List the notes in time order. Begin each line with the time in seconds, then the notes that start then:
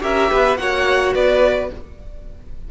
0.00 C#4 G4 A#4 E5
0.31 B3 B4
0.57 A#3 F#4 C#5 F#5
1.15 B3 B4 D5